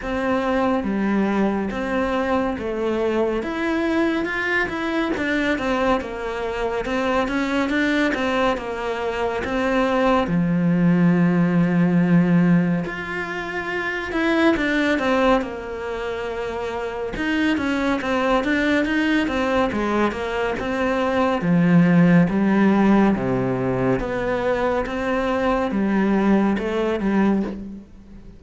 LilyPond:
\new Staff \with { instrumentName = "cello" } { \time 4/4 \tempo 4 = 70 c'4 g4 c'4 a4 | e'4 f'8 e'8 d'8 c'8 ais4 | c'8 cis'8 d'8 c'8 ais4 c'4 | f2. f'4~ |
f'8 e'8 d'8 c'8 ais2 | dis'8 cis'8 c'8 d'8 dis'8 c'8 gis8 ais8 | c'4 f4 g4 c4 | b4 c'4 g4 a8 g8 | }